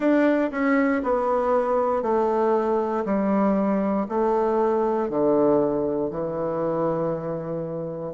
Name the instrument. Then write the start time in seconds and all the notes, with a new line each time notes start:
bassoon
0.00 D4
0.51 C#4
1.03 B3
2.02 A3
3.05 G3
4.08 A3
5.09 D3
6.10 E3